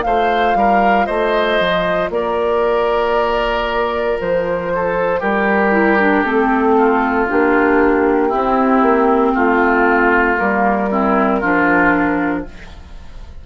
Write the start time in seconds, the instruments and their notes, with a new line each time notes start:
0.00 bassoon A3, clarinet F4, oboe C5, flute F5
0.55 bassoon G3, oboe A#4
1.06 bassoon A3, oboe C5, flute D#5
1.60 bassoon F3
2.10 bassoon A#3, oboe A#4, flute D5
4.20 bassoon F3, flute C5
4.74 oboe A4
5.19 bassoon G3, oboe G4, flute A#4
5.71 clarinet E4
5.99 clarinet D4
6.23 bassoon A3, clarinet C4, flute A4
6.78 oboe F4
7.28 bassoon A#3, clarinet D4, flute G4
8.28 clarinet C4, oboe E4
8.34 bassoon C4
8.82 bassoon A#3
9.34 bassoon A3, oboe F4, flute F4
10.37 bassoon G3, clarinet A#3, flute A#4
10.91 clarinet C4, oboe E4
11.39 bassoon F3, clarinet D4, oboe F4